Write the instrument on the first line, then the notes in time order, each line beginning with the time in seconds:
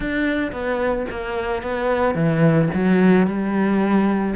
cello
0.00 D4
0.52 B3
1.10 A#3
1.62 B3
2.14 E3
2.73 F#3
3.27 G3